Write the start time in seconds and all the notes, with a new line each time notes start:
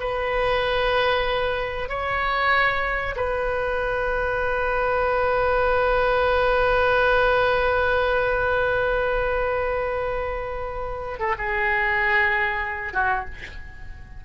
0.00 B4
1.89 C#5
3.16 B4
11.19 A4
11.38 G#4
12.93 F#4